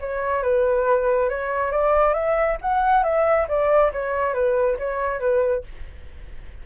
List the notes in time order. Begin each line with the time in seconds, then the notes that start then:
0.00 C#5
0.42 B4
1.29 C#5
1.71 D5
2.14 E5
2.61 F#5
3.03 E5
3.48 D5
3.92 C#5
4.34 B4
4.78 C#5
5.20 B4